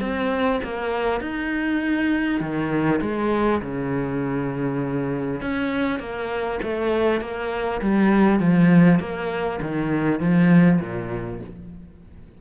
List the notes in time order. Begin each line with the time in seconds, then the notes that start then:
0.00 C4
0.63 A#3
1.20 D#4
2.40 D#3
3.01 G#3
3.61 C#3
5.41 C#4
5.99 A#3
6.62 A3
7.20 A#3
7.81 G3
8.39 F3
8.99 A#3
9.61 D#3
10.20 F3
10.81 A#2